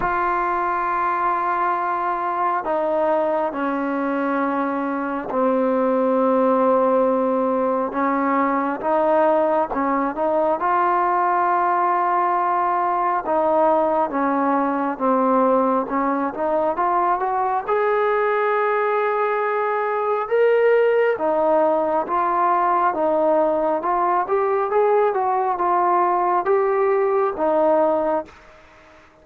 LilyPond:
\new Staff \with { instrumentName = "trombone" } { \time 4/4 \tempo 4 = 68 f'2. dis'4 | cis'2 c'2~ | c'4 cis'4 dis'4 cis'8 dis'8 | f'2. dis'4 |
cis'4 c'4 cis'8 dis'8 f'8 fis'8 | gis'2. ais'4 | dis'4 f'4 dis'4 f'8 g'8 | gis'8 fis'8 f'4 g'4 dis'4 | }